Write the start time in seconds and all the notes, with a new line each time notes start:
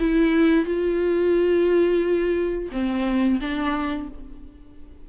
0.00 E4
0.65 F4
2.72 C4
3.41 D4